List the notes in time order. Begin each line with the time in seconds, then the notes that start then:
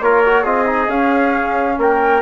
0.00 A#3 F4 A#4 C#5
0.25 F#4
0.42 C4 F4 G#4 D#5
0.66 D#4
0.88 C#4 F5
1.77 A#3 A#4 G5